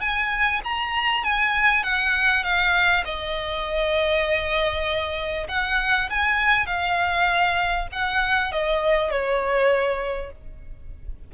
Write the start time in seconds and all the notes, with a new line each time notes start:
0.00 G#5
0.64 A#5
1.23 G#5
1.83 F#5
2.43 F5
3.04 D#5
5.48 F#5
6.09 G#5
6.66 F5
7.92 F#5
8.52 D#5
9.10 C#5